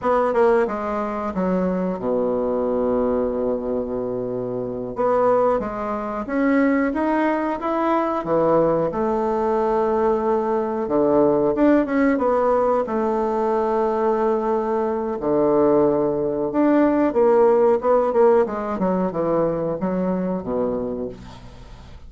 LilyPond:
\new Staff \with { instrumentName = "bassoon" } { \time 4/4 \tempo 4 = 91 b8 ais8 gis4 fis4 b,4~ | b,2.~ b,8 b8~ | b8 gis4 cis'4 dis'4 e'8~ | e'8 e4 a2~ a8~ |
a8 d4 d'8 cis'8 b4 a8~ | a2. d4~ | d4 d'4 ais4 b8 ais8 | gis8 fis8 e4 fis4 b,4 | }